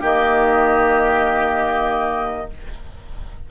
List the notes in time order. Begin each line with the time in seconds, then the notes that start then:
0.00 D#3 A#3 G4 D#5